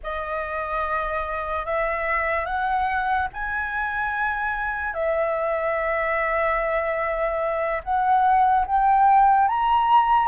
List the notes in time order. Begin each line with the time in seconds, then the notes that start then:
0.03 D#5
1.65 E5
2.45 F#5
3.33 G#5
4.93 E5
7.83 F#5
8.66 G5
9.47 A#5